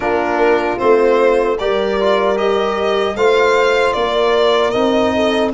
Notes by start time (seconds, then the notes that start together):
0.00 A#3 D4 F4 A#4
0.78 A3 C4 C5
1.58 G3 G4 A#4 D5
2.00 F4
2.35 G4 D#5
3.15 A3 F4 C5 F5
3.92 A#3 A#4 D5
4.70 C4 D#4 D#5
5.15 A4